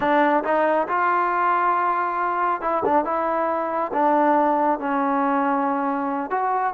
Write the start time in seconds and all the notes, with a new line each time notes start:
0.00 D4
0.43 D#4
0.88 F4
2.61 E4
2.85 D4
3.04 E4
3.93 D4
4.79 C#4
6.30 F#4